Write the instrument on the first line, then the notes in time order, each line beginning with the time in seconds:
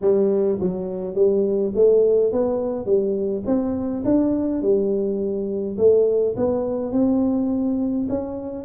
tuba
0.01 G3
0.60 F#3
1.15 G3
1.75 A3
2.32 B3
2.85 G3
3.45 C4
4.04 D4
4.62 G3
5.77 A3
6.36 B3
6.92 C4
8.09 C#4